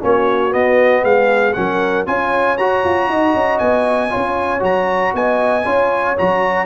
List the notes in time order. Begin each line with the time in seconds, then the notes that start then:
0.00 A#3 C#4 F#4 C#5
0.50 B3 D#5
1.03 G#3 G#4 F5
1.53 F#3 C#4 A#4 F#5
2.06 C#4 F4 C#5 G#5
2.57 F#4 A#5
2.84 F4
3.08 D#4 D#5
3.34 C#4
3.58 B3 G#5
4.10 F4 C#5
4.16 C#4
4.59 F#3 F#4 A#5
5.14 B3 D#5 G#5
5.65 C#4 F4 C#5
6.17 F#3 F#4 A#5